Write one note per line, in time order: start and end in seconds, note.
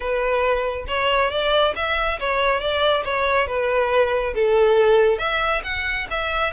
0.00 0.85 B4
0.87 1.30 C#5
1.30 1.74 D5
1.75 2.19 E5
2.19 2.60 C#5
2.60 3.03 D5
3.04 3.47 C#5
3.47 4.34 B4
4.35 5.18 A4
5.18 5.62 E5
5.63 6.07 F#5
6.10 6.53 E5